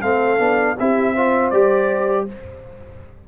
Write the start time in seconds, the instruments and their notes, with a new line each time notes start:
0.00 tuba A3, trombone C4, horn A4, trumpet F5
0.38 tuba B3, trombone D4
0.79 tuba C4, trombone E4, horn G4, trumpet E5
1.14 trombone F4, horn C5
1.50 tuba G3, trombone G4, trumpet D5